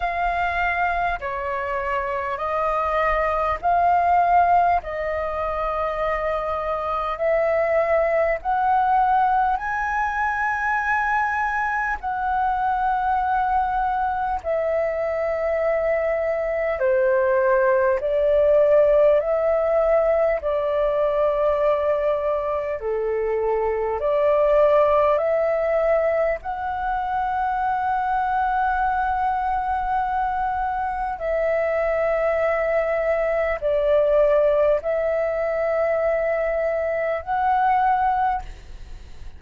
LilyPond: \new Staff \with { instrumentName = "flute" } { \time 4/4 \tempo 4 = 50 f''4 cis''4 dis''4 f''4 | dis''2 e''4 fis''4 | gis''2 fis''2 | e''2 c''4 d''4 |
e''4 d''2 a'4 | d''4 e''4 fis''2~ | fis''2 e''2 | d''4 e''2 fis''4 | }